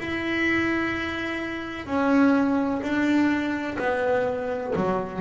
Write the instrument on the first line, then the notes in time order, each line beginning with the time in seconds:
double bass
0.00 E4
1.86 C#4
2.82 D4
3.79 B3
4.76 F#3